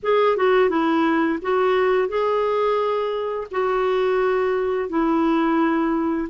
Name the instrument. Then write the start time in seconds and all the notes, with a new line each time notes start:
clarinet
0.02 G#4
0.36 F#4
0.69 E4
1.41 F#4
2.08 G#4
3.51 F#4
4.89 E4